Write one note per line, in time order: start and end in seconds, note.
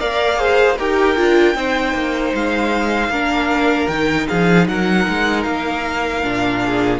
0.00 0.79 A#3
0.00 0.37 A#4
0.00 0.39 D5
0.00 0.78 F5
0.37 0.76 G#4
0.37 0.77 C5
0.77 1.18 D#4
0.77 1.17 G4
0.77 1.55 A#4
0.77 2.35 G5
1.17 1.55 D4
1.17 1.55 F4
1.55 1.94 C4
1.55 3.11 D#4
1.55 3.11 C5
1.94 2.33 A#3
2.34 3.09 G#3
2.34 3.88 F5
3.09 3.87 A#3
3.09 3.90 D4
3.09 4.28 A#4
3.88 4.27 D#3
3.88 6.24 D#4
3.88 4.27 G5
4.28 4.69 F3
4.28 4.67 G#4
4.28 4.68 F5
4.69 5.08 F#3
4.69 6.64 A#4
4.69 5.43 F#5
5.09 5.46 G#3
5.43 6.24 A#3
5.43 6.99 F5
6.24 7.00 A#2
6.24 7.00 D4
6.66 7.00 G#4